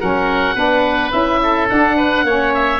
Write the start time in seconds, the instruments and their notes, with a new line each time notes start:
0.00 tuba F#3, saxophone C#4, oboe A#4 F#5
0.55 tuba B3, saxophone D4, oboe B4
1.11 tuba C#4, saxophone E4, oboe E5
1.43 oboe A4
1.69 saxophone D4, tuba D4, oboe F#5
1.97 oboe B4
2.24 tuba A#3, saxophone C#4, oboe C#5
2.54 oboe E5